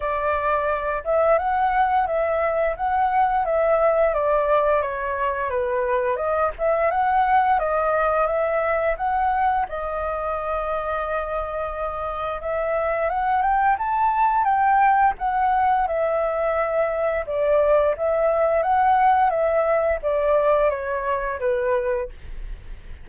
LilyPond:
\new Staff \with { instrumentName = "flute" } { \time 4/4 \tempo 4 = 87 d''4. e''8 fis''4 e''4 | fis''4 e''4 d''4 cis''4 | b'4 dis''8 e''8 fis''4 dis''4 | e''4 fis''4 dis''2~ |
dis''2 e''4 fis''8 g''8 | a''4 g''4 fis''4 e''4~ | e''4 d''4 e''4 fis''4 | e''4 d''4 cis''4 b'4 | }